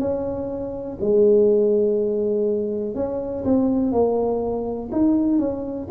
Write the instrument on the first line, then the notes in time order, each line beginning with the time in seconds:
tuba
0.00 C#4
1.01 G#3
2.95 C#4
3.45 C4
3.92 A#3
4.92 D#4
5.39 C#4